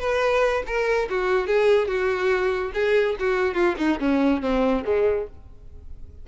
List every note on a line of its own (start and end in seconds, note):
0.00 0.63 B4
0.67 1.09 A#4
1.10 1.47 F#4
1.47 1.88 G#4
1.88 2.72 F#4
2.74 3.16 G#4
3.19 3.54 F#4
3.54 3.75 F4
3.78 3.99 D#4
4.00 4.42 C#4
4.42 4.84 C4
4.85 5.27 G#3